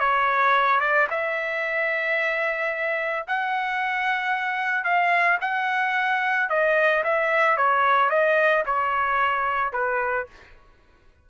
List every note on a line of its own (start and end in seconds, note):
0.00 0.80 C#5
0.80 1.07 D5
1.10 3.27 E5
3.28 4.84 F#5
4.84 5.38 F5
5.41 6.49 F#5
6.50 7.04 D#5
7.04 7.57 E5
7.57 8.10 C#5
8.10 8.64 D#5
8.66 9.73 C#5
9.73 10.27 B4